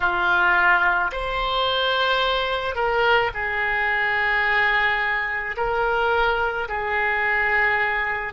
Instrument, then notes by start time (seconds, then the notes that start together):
oboe
0.00 F4
1.12 C5
2.75 A#4
3.33 G#4
5.57 A#4
6.68 G#4